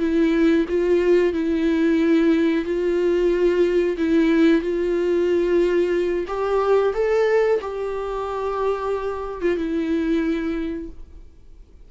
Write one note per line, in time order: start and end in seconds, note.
0.00 0.66 E4
0.69 1.34 F4
1.34 2.65 E4
2.65 3.97 F4
3.98 4.62 E4
4.62 6.27 F4
6.28 6.94 G4
6.94 7.60 A4
7.61 9.42 G4
9.42 9.58 F4
9.58 10.89 E4